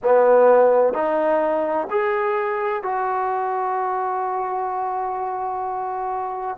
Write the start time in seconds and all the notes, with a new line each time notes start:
0.03 B3
0.93 D#4
1.90 G#4
2.83 F#4